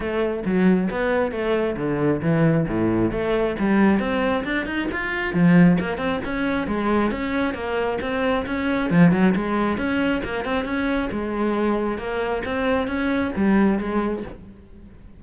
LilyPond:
\new Staff \with { instrumentName = "cello" } { \time 4/4 \tempo 4 = 135 a4 fis4 b4 a4 | d4 e4 a,4 a4 | g4 c'4 d'8 dis'8 f'4 | f4 ais8 c'8 cis'4 gis4 |
cis'4 ais4 c'4 cis'4 | f8 fis8 gis4 cis'4 ais8 c'8 | cis'4 gis2 ais4 | c'4 cis'4 g4 gis4 | }